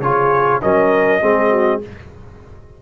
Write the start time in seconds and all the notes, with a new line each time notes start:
0.00 C#3 F4 G#4 C#5
0.62 F#3 C#4 A#4 D#5
1.21 G#3 C4 G#4
1.51 F#4